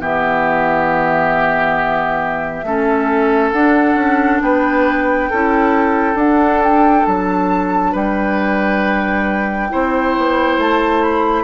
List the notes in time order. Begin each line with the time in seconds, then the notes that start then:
0.00 E3 B3 G4 E5
2.64 A3 C#4 A4
3.52 D4 F#5
3.96 C#4
4.42 B3 B4 G5
5.31 C#4 E4 A4
6.15 D4 F#5
6.64 G5
7.07 F#3 A5
7.92 G3 B4 G5
9.70 C4 E4 C5
10.18 B3
10.58 A3 A5
11.03 B5